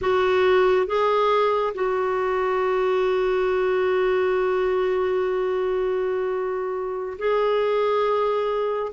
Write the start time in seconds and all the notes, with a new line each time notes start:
0.01 F#4
0.86 G#4
1.74 F#4
7.18 G#4